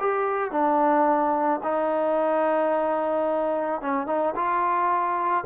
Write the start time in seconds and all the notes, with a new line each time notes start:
0.00 G4
0.52 D4
1.64 D#4
3.82 C#4
4.07 D#4
4.36 F4